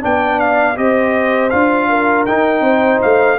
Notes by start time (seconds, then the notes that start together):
0.00 B3 D4 D5 G5
0.39 F5
0.75 C4 G4 C5 D#5
1.50 D4 F4 F5
1.89 A#4
2.26 D#4 G5
2.61 C4 C5
3.02 A3 F5